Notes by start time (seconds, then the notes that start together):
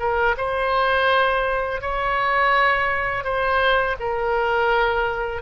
0.00 A#4
0.38 C5
1.82 C#5
3.24 C5
4.00 A#4